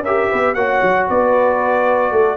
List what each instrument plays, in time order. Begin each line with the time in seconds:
0.00 tuba C#4, trombone G4, horn A#4, trumpet E5
0.29 tuba B3, horn B4
0.54 tuba A#3, trombone F#4, horn C#5, trumpet F#5
0.82 tuba F#3
1.07 tuba B3, horn B4, trumpet D5
2.11 tuba A3, horn A4